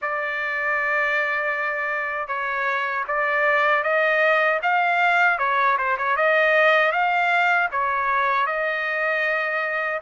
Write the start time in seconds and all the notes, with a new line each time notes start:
0.01 D5
2.27 C#5
3.07 D5
3.83 D#5
4.62 F5
5.38 C#5
5.78 C5
5.97 C#5
6.16 D#5
6.92 F5
7.71 C#5
8.46 D#5